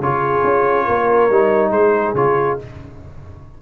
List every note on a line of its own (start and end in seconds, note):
0.00 0.43 C#3
0.00 1.31 F4
0.00 0.85 G#4
0.00 1.72 C#5
0.44 0.87 C#4
0.85 1.30 A#3
0.85 1.71 A#4
1.30 1.71 G3
1.30 2.16 D#4
1.71 2.14 G#3
1.71 2.62 G#4
1.71 2.15 C5
2.14 2.57 C#3
2.14 2.59 F4
2.14 2.59 C#5